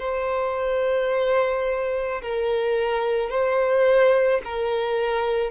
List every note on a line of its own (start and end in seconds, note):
0.00 2.22 C5
2.23 3.30 A#4
3.30 4.41 C5
4.45 5.52 A#4